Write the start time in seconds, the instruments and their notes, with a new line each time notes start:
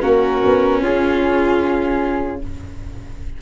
0.00 tuba A#3, viola C#4, violin F#4, flute A#4
0.45 tuba B3
0.81 tuba C#4, violin F4, flute G#4